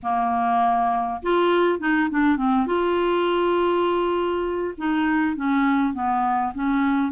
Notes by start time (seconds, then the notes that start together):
0.02 A#3
1.22 F4
1.79 D#4
2.10 D4
2.37 C4
2.66 F4
4.77 D#4
5.36 C#4
5.93 B3
6.54 C#4